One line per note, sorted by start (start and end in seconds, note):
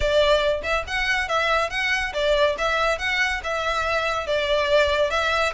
0.00 0.62 D5
0.62 0.84 E5
0.87 1.28 F#5
1.28 1.70 E5
1.70 2.12 F#5
2.13 2.56 D5
2.58 2.98 E5
2.98 3.41 F#5
3.43 4.27 E5
4.27 5.10 D5
5.10 5.52 E5